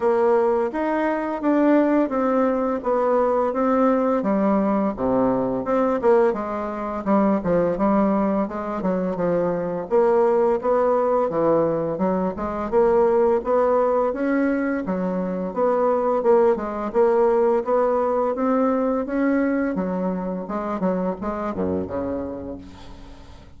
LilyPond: \new Staff \with { instrumentName = "bassoon" } { \time 4/4 \tempo 4 = 85 ais4 dis'4 d'4 c'4 | b4 c'4 g4 c4 | c'8 ais8 gis4 g8 f8 g4 | gis8 fis8 f4 ais4 b4 |
e4 fis8 gis8 ais4 b4 | cis'4 fis4 b4 ais8 gis8 | ais4 b4 c'4 cis'4 | fis4 gis8 fis8 gis8 fis,8 cis4 | }